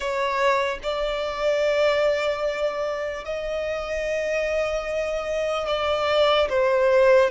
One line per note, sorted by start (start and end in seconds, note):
0.00 0.78 C#5
0.83 3.24 D5
3.24 5.67 D#5
5.67 6.48 D5
6.49 7.30 C5